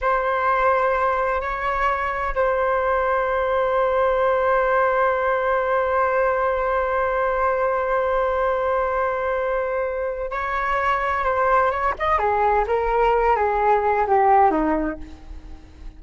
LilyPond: \new Staff \with { instrumentName = "flute" } { \time 4/4 \tempo 4 = 128 c''2. cis''4~ | cis''4 c''2.~ | c''1~ | c''1~ |
c''1~ | c''2 cis''2 | c''4 cis''8 dis''8 gis'4 ais'4~ | ais'8 gis'4. g'4 dis'4 | }